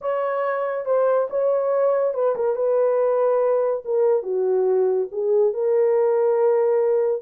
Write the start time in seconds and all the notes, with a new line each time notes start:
0.01 C#5
0.85 C5
1.30 C#5
2.14 B4
2.35 A#4
2.55 B4
3.84 A#4
4.22 F#4
5.11 G#4
5.53 A#4